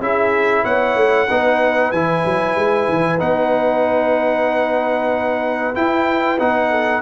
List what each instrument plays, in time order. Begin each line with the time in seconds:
0.00 tuba C#4, trombone E4, horn G#4, trumpet E5
0.63 tuba B3, horn C#5, trumpet F#5
0.96 tuba A3
1.29 tuba B3, trombone D#4, horn B4
1.92 tuba E3, trombone E4, trumpet G#5
2.25 tuba F#3
2.56 tuba G#3
2.89 tuba E3
3.19 tuba B3, trombone D#4, trumpet F#5
5.74 trombone E4, tuba E4, trumpet G5
6.39 tuba B3, trombone D#4, trumpet F#5
6.70 horn A4